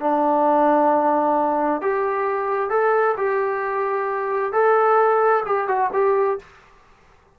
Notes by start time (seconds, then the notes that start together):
0.00 D4
1.81 G4
2.70 A4
3.17 G4
4.52 A4
5.46 G4
5.68 F#4
5.93 G4